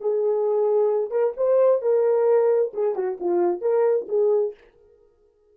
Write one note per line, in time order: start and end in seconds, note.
0.00 1.10 G#4
1.10 1.33 A#4
1.36 1.81 C5
1.81 2.72 A#4
2.73 2.95 G#4
2.95 3.17 F#4
3.20 3.61 F4
3.61 4.06 A#4
4.08 4.54 G#4